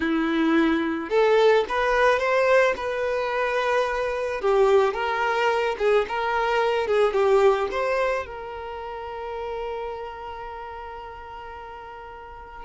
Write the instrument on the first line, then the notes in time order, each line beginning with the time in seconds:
violin
0.00 E4
1.09 A4
1.69 B4
2.19 C5
2.76 B4
4.41 G4
4.93 A#4
5.78 G#4
6.08 A#4
6.87 G#4
7.13 G4
7.71 C5
8.26 A#4